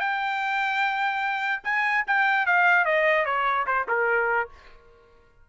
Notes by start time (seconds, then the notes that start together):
0.00 G5
1.64 G#5
2.07 G5
2.46 F5
2.85 D#5
3.25 C#5
3.67 C5
3.88 A#4